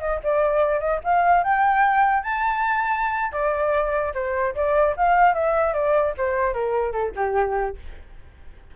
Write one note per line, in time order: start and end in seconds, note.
0.00 0.20 D#5
0.24 0.80 D5
0.80 1.00 D#5
1.04 1.44 F5
1.44 2.23 G5
2.23 3.33 A5
3.33 4.13 D5
4.15 4.55 C5
4.56 4.96 D5
4.97 5.34 F5
5.34 5.74 E5
5.74 6.14 D5
6.18 6.54 C5
6.54 6.93 A#4
6.93 7.13 A4
7.16 7.77 G4